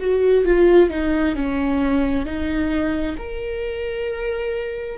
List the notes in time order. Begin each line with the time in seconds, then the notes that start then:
0.00 F#4
0.45 F4
0.90 D#4
1.36 C#4
2.26 D#4
3.18 A#4